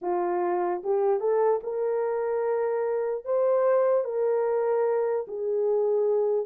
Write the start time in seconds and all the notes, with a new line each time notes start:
0.01 F4
0.83 G4
1.19 A4
1.63 A#4
3.24 C5
4.04 A#4
5.27 G#4